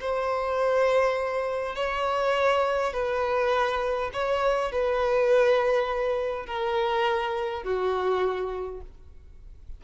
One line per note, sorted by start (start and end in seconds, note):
0.00 1.75 C5
1.75 2.93 C#5
2.93 4.10 B4
4.13 4.71 C#5
4.72 6.46 B4
6.46 7.63 A#4
7.63 8.81 F#4